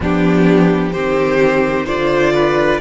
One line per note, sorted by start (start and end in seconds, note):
0.00 0.94 F3
0.00 0.94 B3
0.00 0.93 D4
0.00 0.92 G4
0.92 1.86 D#3
0.92 1.86 C4
0.92 1.85 G4
0.92 1.86 C5
1.85 2.80 D3
1.85 2.80 F4
1.85 2.32 C5
1.85 2.81 D5
2.33 2.80 B4